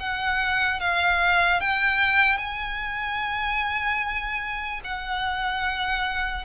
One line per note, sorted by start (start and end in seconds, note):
0.00 0.80 F#5
0.80 1.61 F5
1.61 2.38 G5
2.38 4.81 G#5
4.85 6.45 F#5